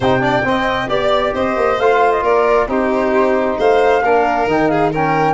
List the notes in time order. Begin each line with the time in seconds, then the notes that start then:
0.00 C3 D#4 C5 G5
0.20 D4 D5
0.44 C4 D#5
0.87 B3 G4 D5
1.34 C4 C5 D#5
1.56 A#3
1.78 A3 F4 F5
2.12 D#5
2.22 A#3 A#4 D5
2.67 C4 D#4 G4 C5
3.58 A3 C5 F5
4.02 A#3 D4 A#4
4.46 D#3 D#4 G5
4.68 G#4 F5
4.92 C#4 A#4 G5